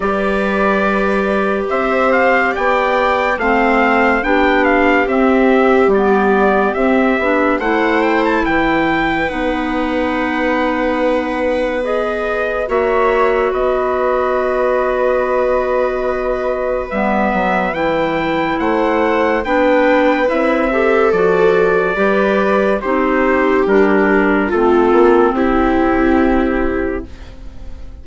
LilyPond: <<
  \new Staff \with { instrumentName = "trumpet" } { \time 4/4 \tempo 4 = 71 d''2 e''8 f''8 g''4 | f''4 g''8 f''8 e''4 d''4 | e''4 fis''8 g''16 a''16 g''4 fis''4~ | fis''2 dis''4 e''4 |
dis''1 | e''4 g''4 fis''4 g''4 | e''4 d''2 c''4 | ais'4 a'4 g'2 | }
  \new Staff \with { instrumentName = "viola" } { \time 4/4 b'2 c''4 d''4 | c''4 g'2.~ | g'4 c''4 b'2~ | b'2. cis''4 |
b'1~ | b'2 c''4 b'4~ | b'8 a'4. b'4 g'4~ | g'4 f'4 e'2 | }
  \new Staff \with { instrumentName = "clarinet" } { \time 4/4 g'1 | c'4 d'4 c'4 b4 | c'8 d'8 e'2 dis'4~ | dis'2 gis'4 fis'4~ |
fis'1 | b4 e'2 d'4 | e'8 g'8 fis'4 g'4 dis'4 | d'4 c'2. | }
  \new Staff \with { instrumentName = "bassoon" } { \time 4/4 g2 c'4 b4 | a4 b4 c'4 g4 | c'8 b8 a4 e4 b4~ | b2. ais4 |
b1 | g8 fis8 e4 a4 b4 | c'4 f4 g4 c'4 | g4 a8 ais8 c'2 | }
>>